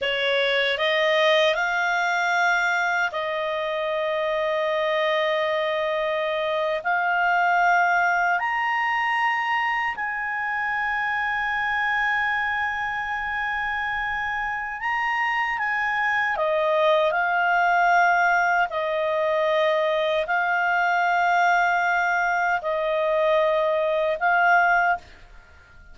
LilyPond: \new Staff \with { instrumentName = "clarinet" } { \time 4/4 \tempo 4 = 77 cis''4 dis''4 f''2 | dis''1~ | dis''8. f''2 ais''4~ ais''16~ | ais''8. gis''2.~ gis''16~ |
gis''2. ais''4 | gis''4 dis''4 f''2 | dis''2 f''2~ | f''4 dis''2 f''4 | }